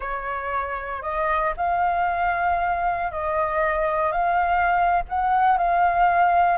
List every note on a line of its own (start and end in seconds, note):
0.00 1.01 C#5
1.01 1.53 D#5
1.56 3.11 F5
3.11 4.12 D#5
4.12 5.02 F5
5.08 5.57 F#5
5.57 6.57 F5